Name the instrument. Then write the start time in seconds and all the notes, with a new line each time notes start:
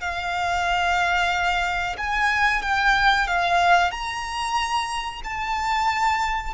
violin
0.00 F5
1.97 G#5
2.61 G5
3.27 F5
3.91 A#5
5.24 A5